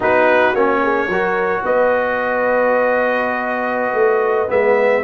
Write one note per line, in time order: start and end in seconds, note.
0.00 0.53 B3
0.00 0.55 D#4
0.00 0.80 F#4
0.00 0.54 B4
0.53 1.07 A#3
0.53 1.10 C#4
0.53 1.64 C#5
0.82 1.08 G#4
1.07 1.62 F#3
1.07 4.48 F#4
1.07 1.62 A#4
1.63 3.93 B3
1.63 5.04 B4
1.63 4.50 D#5
3.93 4.47 A3
4.48 5.04 G#3
4.48 5.02 B3
4.48 5.04 E5